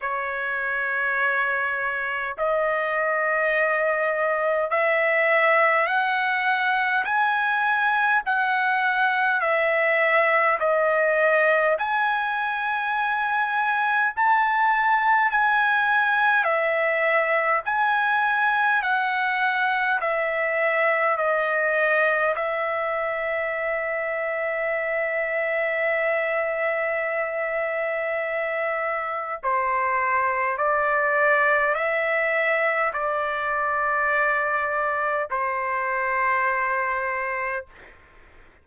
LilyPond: \new Staff \with { instrumentName = "trumpet" } { \time 4/4 \tempo 4 = 51 cis''2 dis''2 | e''4 fis''4 gis''4 fis''4 | e''4 dis''4 gis''2 | a''4 gis''4 e''4 gis''4 |
fis''4 e''4 dis''4 e''4~ | e''1~ | e''4 c''4 d''4 e''4 | d''2 c''2 | }